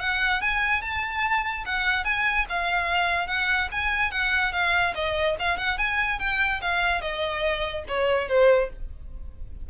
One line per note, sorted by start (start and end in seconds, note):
0.00 0.41 F#5
0.41 0.82 G#5
0.82 1.64 A5
1.66 2.04 F#5
2.04 2.45 G#5
2.49 3.27 F5
3.27 3.68 F#5
3.71 4.11 G#5
4.11 4.52 F#5
4.52 4.94 F5
4.94 5.36 D#5
5.39 5.57 F5
5.57 5.78 F#5
5.78 6.19 G#5
6.19 6.61 G5
6.61 7.01 F5
7.01 7.84 D#5
7.88 8.28 C#5
8.28 8.70 C5